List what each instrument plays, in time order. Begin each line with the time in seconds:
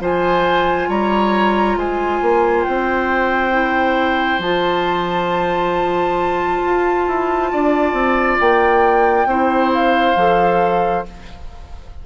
0.00 bassoon F3, clarinet F4, oboe C5, flute G#5
0.88 bassoon G3, oboe C#5, flute A#5
1.76 bassoon G#3, oboe C5, flute G#5
2.22 bassoon A#3
2.64 bassoon C4, flute G5
3.51 clarinet E4
4.38 bassoon F3, clarinet F4, flute A5
6.65 bassoon F4
7.07 bassoon E4
7.52 bassoon D4, oboe D5
7.92 bassoon C4
8.40 bassoon A#3, flute G5
9.25 bassoon C4, clarinet E4, oboe C5
9.74 flute F5
10.15 bassoon F3, clarinet A4